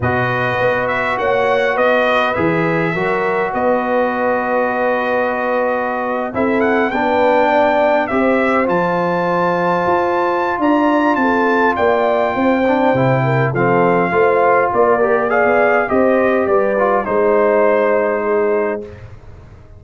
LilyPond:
<<
  \new Staff \with { instrumentName = "trumpet" } { \time 4/4 \tempo 4 = 102 dis''4. e''8 fis''4 dis''4 | e''2 dis''2~ | dis''2~ dis''8. e''8 fis''8 g''16~ | g''4.~ g''16 e''4 a''4~ a''16~ |
a''2 ais''4 a''4 | g''2. f''4~ | f''4 d''4 f''4 dis''4 | d''4 c''2. | }
  \new Staff \with { instrumentName = "horn" } { \time 4/4 b'2 cis''4 b'4~ | b'4 ais'4 b'2~ | b'2~ b'8. a'4 b'16~ | b'8. d''4 c''2~ c''16~ |
c''2 d''4 a'4 | d''4 c''4. ais'8 a'4 | c''4 ais'4 d''4 c''4 | b'4 c''2 gis'4 | }
  \new Staff \with { instrumentName = "trombone" } { \time 4/4 fis'1 | gis'4 fis'2.~ | fis'2~ fis'8. e'4 d'16~ | d'4.~ d'16 g'4 f'4~ f'16~ |
f'1~ | f'4. d'8 e'4 c'4 | f'4. g'8 gis'4 g'4~ | g'8 f'8 dis'2. | }
  \new Staff \with { instrumentName = "tuba" } { \time 4/4 b,4 b4 ais4 b4 | e4 fis4 b2~ | b2~ b8. c'4 b16~ | b4.~ b16 c'4 f4~ f16~ |
f8. f'4~ f'16 d'4 c'4 | ais4 c'4 c4 f4 | a4 ais4~ ais16 b8. c'4 | g4 gis2. | }
>>